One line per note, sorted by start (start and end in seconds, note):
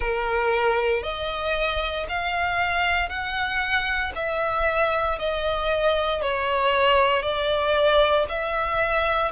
0.00 1.03 A#4
1.03 2.06 D#5
2.08 3.08 F5
3.08 4.12 F#5
4.15 5.18 E5
5.18 6.22 D#5
6.22 7.22 C#5
7.22 8.26 D5
8.29 9.31 E5